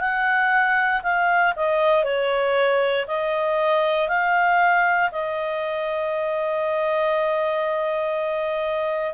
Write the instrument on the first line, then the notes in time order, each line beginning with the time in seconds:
clarinet
0.00 F#5
1.03 F5
1.56 D#5
2.04 C#5
3.07 D#5
4.08 F5
5.12 D#5